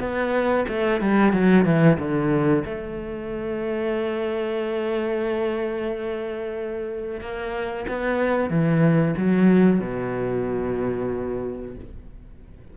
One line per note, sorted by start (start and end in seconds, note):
0.00 0.65 B3
0.68 1.00 A3
1.00 1.33 G3
1.33 1.65 F#3
1.65 1.98 E3
1.99 2.64 D3
2.65 7.20 A3
7.20 7.86 A#3
7.88 8.50 B3
8.50 9.15 E3
9.17 9.80 F#3
9.80 11.75 B2